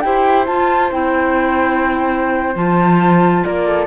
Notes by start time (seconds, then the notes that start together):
0.00 E4 G4 C5 G5
0.46 F4 A5
0.90 C4 E4 G5
2.54 F3 F4 A5
3.43 A#3 A#4 D5
3.66 A4